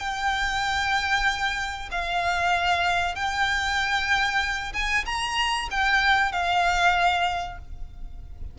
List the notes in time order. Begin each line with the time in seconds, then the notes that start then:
0.00 G5
1.91 F5
3.16 G5
4.74 G#5
5.06 A#5
5.71 G5
6.33 F5